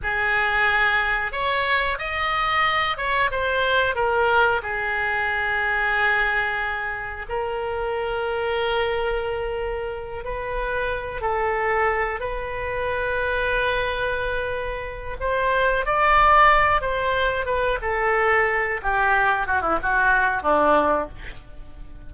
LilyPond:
\new Staff \with { instrumentName = "oboe" } { \time 4/4 \tempo 4 = 91 gis'2 cis''4 dis''4~ | dis''8 cis''8 c''4 ais'4 gis'4~ | gis'2. ais'4~ | ais'2.~ ais'8 b'8~ |
b'4 a'4. b'4.~ | b'2. c''4 | d''4. c''4 b'8 a'4~ | a'8 g'4 fis'16 e'16 fis'4 d'4 | }